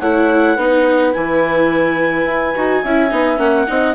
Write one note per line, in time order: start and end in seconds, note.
0.00 0.57 A3
0.00 0.58 E4
0.00 0.56 C#5
0.00 1.13 F#5
0.56 1.14 B3
0.56 1.13 D#4
0.56 2.83 B4
1.13 2.25 E3
1.13 2.54 E4
1.13 3.39 G#5
2.25 2.54 E4
2.55 2.84 D#4
2.55 2.84 F#4
2.83 3.12 C#4
2.83 3.11 E4
2.83 3.67 E5
3.11 3.38 B3
3.11 3.37 D#4
3.37 3.67 A#3
3.37 3.65 C#4
3.37 3.95 F#5
3.68 3.95 C4
3.68 3.95 D#4
3.68 3.95 D#5